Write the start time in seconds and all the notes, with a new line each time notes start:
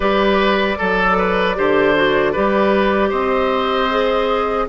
0.00 G3 G4 B4 D5
0.77 F#3 A4
1.17 B4
1.55 D3 G4 C5
1.95 F#4
2.32 G3 G4 B4
3.09 C4 C5 D#5
3.90 G#4